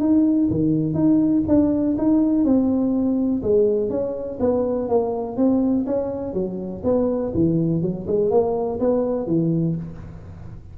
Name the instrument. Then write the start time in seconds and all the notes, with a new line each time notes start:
tuba
0.00 D#4
0.50 D#3
0.94 D#4
1.48 D4
1.98 D#4
2.45 C4
3.43 G#3
3.90 C#4
4.40 B3
4.89 A#3
5.37 C4
5.86 C#4
6.34 F#3
6.84 B3
7.35 E3
7.82 F#3
8.07 G#3
8.31 A#3
8.80 B3
9.27 E3